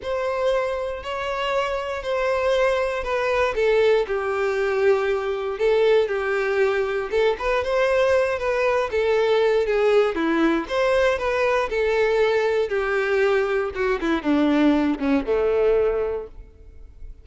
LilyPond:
\new Staff \with { instrumentName = "violin" } { \time 4/4 \tempo 4 = 118 c''2 cis''2 | c''2 b'4 a'4 | g'2. a'4 | g'2 a'8 b'8 c''4~ |
c''8 b'4 a'4. gis'4 | e'4 c''4 b'4 a'4~ | a'4 g'2 fis'8 e'8 | d'4. cis'8 a2 | }